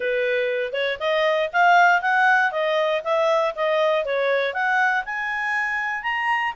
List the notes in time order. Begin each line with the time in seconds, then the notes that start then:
0.00 B4
0.73 C#5
0.99 D#5
1.52 F5
2.01 F#5
2.51 D#5
3.04 E5
3.55 D#5
4.05 C#5
4.53 F#5
5.05 G#5
6.03 A#5